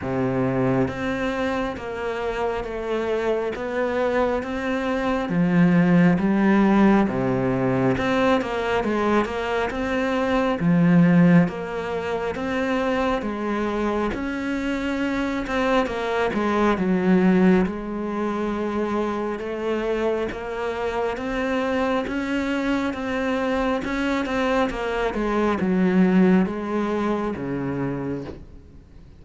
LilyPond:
\new Staff \with { instrumentName = "cello" } { \time 4/4 \tempo 4 = 68 c4 c'4 ais4 a4 | b4 c'4 f4 g4 | c4 c'8 ais8 gis8 ais8 c'4 | f4 ais4 c'4 gis4 |
cis'4. c'8 ais8 gis8 fis4 | gis2 a4 ais4 | c'4 cis'4 c'4 cis'8 c'8 | ais8 gis8 fis4 gis4 cis4 | }